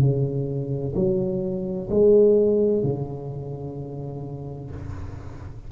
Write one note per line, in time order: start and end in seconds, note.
0.00 0.94 C#3
0.95 1.89 F#3
1.90 2.83 G#3
2.83 4.70 C#3